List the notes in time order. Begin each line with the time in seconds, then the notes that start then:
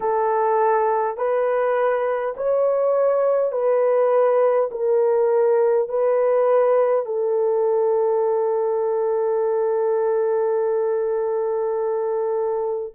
0.00 A4
1.17 B4
2.36 C#5
3.51 B4
4.71 A#4
5.88 B4
7.05 A4